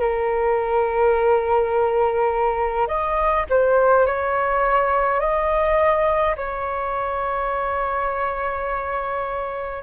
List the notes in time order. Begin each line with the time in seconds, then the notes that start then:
0.00 A#4
2.87 D#5
3.49 C5
4.06 C#5
5.20 D#5
6.36 C#5